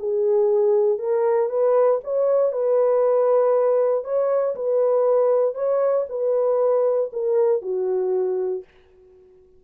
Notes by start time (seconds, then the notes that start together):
0.00 G#4
0.99 A#4
1.50 B4
2.04 C#5
2.53 B4
4.04 C#5
4.56 B4
5.55 C#5
6.09 B4
7.13 A#4
7.62 F#4